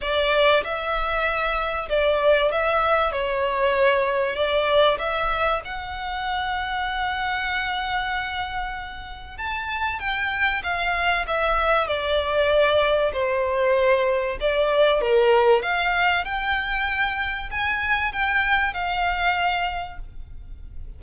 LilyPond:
\new Staff \with { instrumentName = "violin" } { \time 4/4 \tempo 4 = 96 d''4 e''2 d''4 | e''4 cis''2 d''4 | e''4 fis''2.~ | fis''2. a''4 |
g''4 f''4 e''4 d''4~ | d''4 c''2 d''4 | ais'4 f''4 g''2 | gis''4 g''4 f''2 | }